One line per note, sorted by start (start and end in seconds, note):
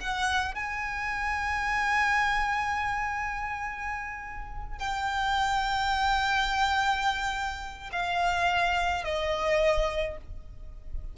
0.00 0.54 F#5
0.54 4.79 G#5
4.79 7.90 G5
7.92 9.04 F5
9.04 10.17 D#5